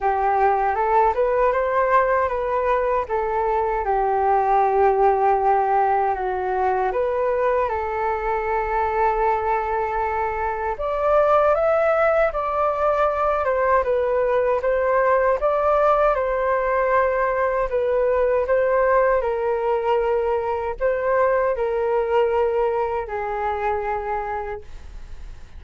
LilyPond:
\new Staff \with { instrumentName = "flute" } { \time 4/4 \tempo 4 = 78 g'4 a'8 b'8 c''4 b'4 | a'4 g'2. | fis'4 b'4 a'2~ | a'2 d''4 e''4 |
d''4. c''8 b'4 c''4 | d''4 c''2 b'4 | c''4 ais'2 c''4 | ais'2 gis'2 | }